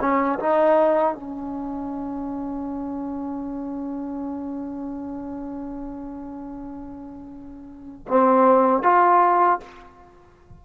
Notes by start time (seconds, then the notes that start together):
0.00 C#4
0.39 D#4
1.14 C#4
8.08 C4
8.83 F4